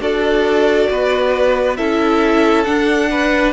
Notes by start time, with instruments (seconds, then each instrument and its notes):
0.00 cello D4, viola F#4, violin A4 D5
0.91 cello B3, violin B4
1.76 cello C#4, viola E4, violin A4 E5
2.64 viola D4, cello D4, violin F#5
3.11 violin B4